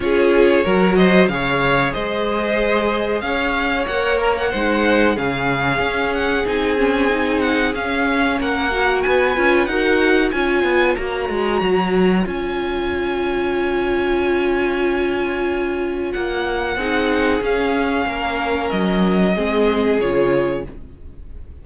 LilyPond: <<
  \new Staff \with { instrumentName = "violin" } { \time 4/4 \tempo 4 = 93 cis''4. dis''8 f''4 dis''4~ | dis''4 f''4 fis''8 ais'16 fis''4~ fis''16 | f''4. fis''8 gis''4. fis''8 | f''4 fis''4 gis''4 fis''4 |
gis''4 ais''2 gis''4~ | gis''1~ | gis''4 fis''2 f''4~ | f''4 dis''2 cis''4 | }
  \new Staff \with { instrumentName = "violin" } { \time 4/4 gis'4 ais'8 c''8 cis''4 c''4~ | c''4 cis''2 c''4 | gis'1~ | gis'4 ais'4 b'4 ais'4 |
cis''1~ | cis''1~ | cis''2 gis'2 | ais'2 gis'2 | }
  \new Staff \with { instrumentName = "viola" } { \time 4/4 f'4 fis'4 gis'2~ | gis'2 ais'4 dis'4 | cis'2 dis'8 cis'8 dis'4 | cis'4. fis'4 f'8 fis'4 |
f'4 fis'2 f'4~ | f'1~ | f'2 dis'4 cis'4~ | cis'2 c'4 f'4 | }
  \new Staff \with { instrumentName = "cello" } { \time 4/4 cis'4 fis4 cis4 gis4~ | gis4 cis'4 ais4 gis4 | cis4 cis'4 c'2 | cis'4 ais4 b8 cis'8 dis'4 |
cis'8 b8 ais8 gis8 fis4 cis'4~ | cis'1~ | cis'4 ais4 c'4 cis'4 | ais4 fis4 gis4 cis4 | }
>>